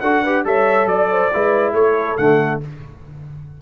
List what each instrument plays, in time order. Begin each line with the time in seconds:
0.00 tuba D4, trombone F#4, horn A4, trumpet F#5
0.23 trombone G4, horn B4
0.44 tuba G3, trombone A4, horn C#5, trumpet E5
0.85 tuba F#3, trumpet D5, horn D5
1.11 horn C5
1.33 tuba G#3, trombone E4, horn B4
1.72 tuba A3, horn A4, trumpet C#5
2.17 tuba D3, trombone A3, trumpet F#5